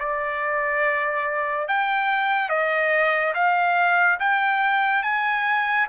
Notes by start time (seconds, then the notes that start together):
0.00 D5
1.68 G5
2.49 D#5
3.35 F5
4.20 G5
5.03 G#5